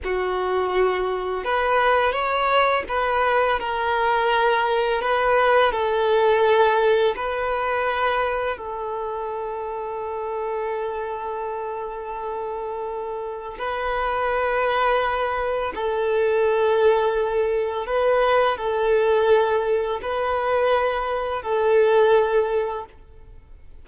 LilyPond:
\new Staff \with { instrumentName = "violin" } { \time 4/4 \tempo 4 = 84 fis'2 b'4 cis''4 | b'4 ais'2 b'4 | a'2 b'2 | a'1~ |
a'2. b'4~ | b'2 a'2~ | a'4 b'4 a'2 | b'2 a'2 | }